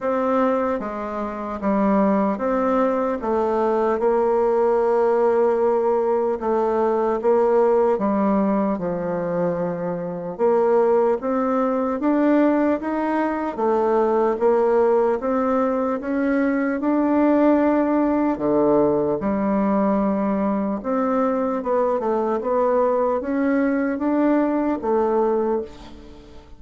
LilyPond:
\new Staff \with { instrumentName = "bassoon" } { \time 4/4 \tempo 4 = 75 c'4 gis4 g4 c'4 | a4 ais2. | a4 ais4 g4 f4~ | f4 ais4 c'4 d'4 |
dis'4 a4 ais4 c'4 | cis'4 d'2 d4 | g2 c'4 b8 a8 | b4 cis'4 d'4 a4 | }